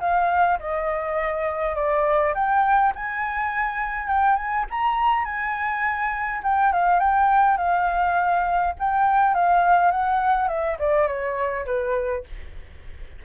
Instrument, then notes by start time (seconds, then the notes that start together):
flute
0.00 F5
0.59 D#5
1.76 D5
2.34 G5
2.95 G#5
4.08 G5
4.36 G#5
4.70 A#5
5.25 G#5
6.43 G5
6.72 F5
7.00 G5
7.57 F5
8.79 G5
9.34 F5
9.91 F#5
10.48 E5
10.79 D5
11.07 C#5
11.66 B4